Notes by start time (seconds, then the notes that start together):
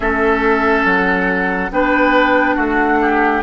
0.00 A3 C#4 A4 E5
0.84 F#3 F#5
1.71 B3 D4 B4 G5
2.55 A3 F#4 F#5
3.01 G4